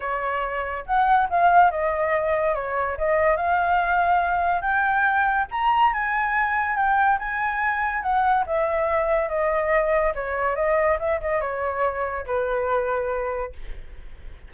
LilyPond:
\new Staff \with { instrumentName = "flute" } { \time 4/4 \tempo 4 = 142 cis''2 fis''4 f''4 | dis''2 cis''4 dis''4 | f''2. g''4~ | g''4 ais''4 gis''2 |
g''4 gis''2 fis''4 | e''2 dis''2 | cis''4 dis''4 e''8 dis''8 cis''4~ | cis''4 b'2. | }